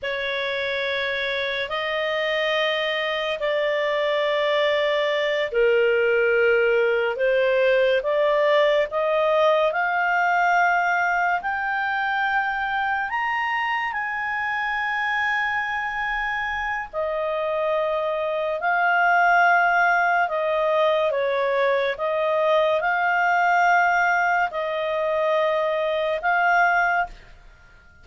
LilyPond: \new Staff \with { instrumentName = "clarinet" } { \time 4/4 \tempo 4 = 71 cis''2 dis''2 | d''2~ d''8 ais'4.~ | ais'8 c''4 d''4 dis''4 f''8~ | f''4. g''2 ais''8~ |
ais''8 gis''2.~ gis''8 | dis''2 f''2 | dis''4 cis''4 dis''4 f''4~ | f''4 dis''2 f''4 | }